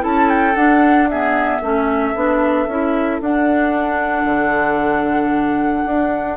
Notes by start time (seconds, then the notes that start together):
0.00 C#4 E4 A4 A5
0.30 G5
0.55 D4 F#5
1.09 B3 G#4 E5
1.62 A3 C#4 A4
2.15 B3 D4
2.68 C#4 E4
3.21 D4 F#5
4.25 D3
5.86 D4